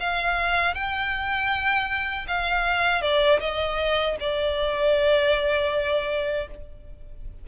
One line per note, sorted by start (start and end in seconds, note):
0.00 0.74 F5
0.74 2.26 G5
2.28 3.01 F5
3.01 3.39 D5
3.40 4.16 D#5
4.20 6.48 D5